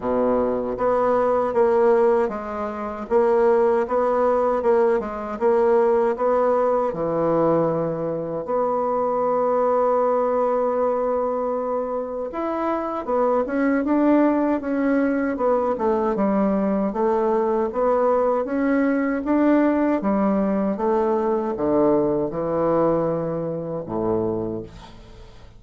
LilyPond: \new Staff \with { instrumentName = "bassoon" } { \time 4/4 \tempo 4 = 78 b,4 b4 ais4 gis4 | ais4 b4 ais8 gis8 ais4 | b4 e2 b4~ | b1 |
e'4 b8 cis'8 d'4 cis'4 | b8 a8 g4 a4 b4 | cis'4 d'4 g4 a4 | d4 e2 a,4 | }